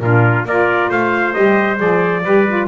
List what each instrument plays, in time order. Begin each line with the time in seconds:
0.00 double bass A#2, saxophone D4, trumpet F4 A#4
0.45 double bass A#3, saxophone F4, trumpet A#4 D5
0.90 double bass A3, trumpet C5 F5
1.34 double bass G3, saxophone G4, trumpet D#5
1.78 double bass F3, saxophone G#4, trumpet D5
2.24 double bass G3, saxophone G4, trumpet B4
2.48 saxophone F4